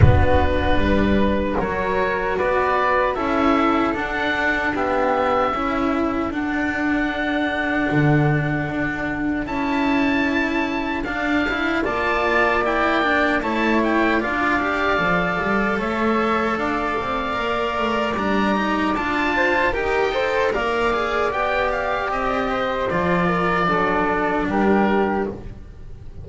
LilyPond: <<
  \new Staff \with { instrumentName = "oboe" } { \time 4/4 \tempo 4 = 76 b'2 cis''4 d''4 | e''4 fis''4 e''2 | fis''1 | a''2 f''4 a''4 |
g''4 a''8 g''8 f''2 | e''4 f''2 ais''4 | a''4 g''4 f''4 g''8 f''8 | dis''4 d''2 ais'4 | }
  \new Staff \with { instrumentName = "flute" } { \time 4/4 fis'4 b'4 ais'4 b'4 | a'2 g'4 a'4~ | a'1~ | a'2. d''4~ |
d''4 cis''4 d''2 | cis''4 d''2.~ | d''8 c''8 ais'8 c''8 d''2~ | d''8 c''4 ais'8 a'4 g'4 | }
  \new Staff \with { instrumentName = "cello" } { \time 4/4 d'2 fis'2 | e'4 d'4 b4 e'4 | d'1 | e'2 d'8 e'8 f'4 |
e'8 d'8 e'4 f'8 g'8 a'4~ | a'2 ais'4 d'8 dis'8 | f'4 g'8 a'8 ais'8 gis'8 g'4~ | g'4 f'4 d'2 | }
  \new Staff \with { instrumentName = "double bass" } { \time 4/4 b4 g4 fis4 b4 | cis'4 d'2 cis'4 | d'2 d4 d'4 | cis'2 d'4 ais4~ |
ais4 a4 d'4 f8 g8 | a4 d'8 c'8 ais8 a8 g4 | d'4 dis'4 ais4 b4 | c'4 f4 fis4 g4 | }
>>